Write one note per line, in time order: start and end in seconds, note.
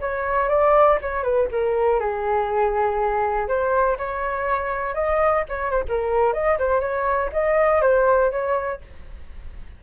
0.00 0.49 C#5
0.49 0.98 D5
1.01 1.23 C#5
1.23 1.48 B4
1.51 2.00 A#4
2.00 3.48 G#4
3.48 3.97 C5
3.98 4.94 C#5
4.94 5.44 D#5
5.49 5.71 C#5
5.71 5.83 C5
5.89 6.33 A#4
6.33 6.58 D#5
6.59 6.80 C5
6.80 7.30 C#5
7.32 7.81 D#5
7.81 8.31 C5
8.31 8.81 C#5